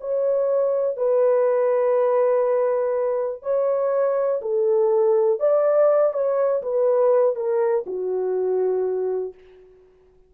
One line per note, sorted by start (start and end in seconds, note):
0.00 0.97 C#5
0.97 3.42 B4
3.42 4.41 C#5
4.42 5.40 A4
5.40 6.13 D5
6.13 6.62 C#5
6.62 7.35 B4
7.35 7.85 A#4
7.86 9.34 F#4